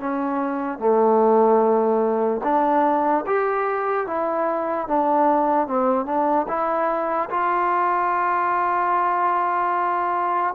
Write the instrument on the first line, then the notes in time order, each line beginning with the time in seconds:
trombone
0.00 C#4
0.79 A3
2.44 D4
3.27 G4
4.07 E4
4.88 D4
5.67 C4
6.06 D4
6.48 E4
7.30 F4